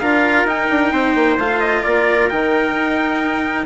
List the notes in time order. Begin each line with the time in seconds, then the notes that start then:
0.00 D4 F4 A#4 F5
0.45 D#4 G5
0.71 D4
0.93 C4 C5
1.15 A#3
1.38 A3 F4 F5
1.61 D#5
1.83 A#3 A#4 D5
2.30 D#3 D#4 G5
2.75 D#4